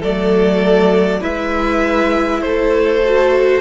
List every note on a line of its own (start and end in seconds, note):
0.00 1.22 F#3
0.00 1.21 A3
0.00 1.20 A4
0.00 1.23 D5
1.21 2.42 G#3
1.21 3.00 E4
1.21 2.41 B4
1.21 2.41 E5
2.41 3.61 A3
2.41 3.61 A4
2.41 3.61 C5
3.04 3.61 F#4